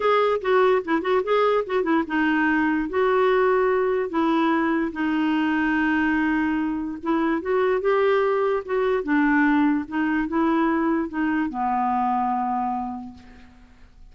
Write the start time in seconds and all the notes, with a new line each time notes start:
0.00 G#4
0.41 F#4
0.84 E4
1.01 F#4
1.23 G#4
1.66 F#4
1.83 E4
2.07 D#4
2.89 F#4
4.09 E4
4.92 D#4
7.03 E4
7.41 F#4
7.81 G4
8.65 F#4
9.03 D4
9.87 D#4
10.28 E4
11.08 D#4
11.49 B3